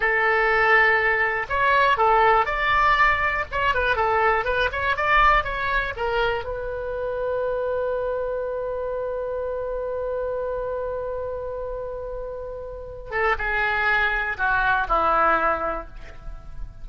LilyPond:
\new Staff \with { instrumentName = "oboe" } { \time 4/4 \tempo 4 = 121 a'2. cis''4 | a'4 d''2 cis''8 b'8 | a'4 b'8 cis''8 d''4 cis''4 | ais'4 b'2.~ |
b'1~ | b'1~ | b'2~ b'8 a'8 gis'4~ | gis'4 fis'4 e'2 | }